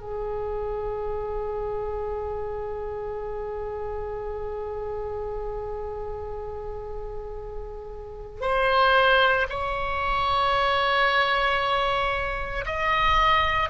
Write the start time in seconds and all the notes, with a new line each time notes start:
0.00 G#4
8.41 C5
9.49 C#5
12.66 D#5